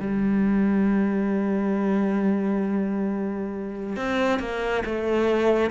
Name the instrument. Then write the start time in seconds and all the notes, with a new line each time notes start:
cello
0.00 G3
3.97 C4
4.40 A#3
4.85 A3